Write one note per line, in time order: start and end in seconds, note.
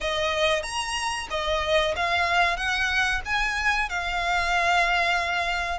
0.00 0.62 D#5
0.62 1.27 A#5
1.30 1.94 D#5
1.96 2.56 F5
2.56 3.21 F#5
3.25 3.89 G#5
3.89 5.79 F5